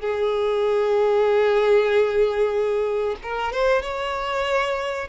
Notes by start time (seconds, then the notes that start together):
0.00 G#4
3.22 A#4
3.52 C5
3.82 C#5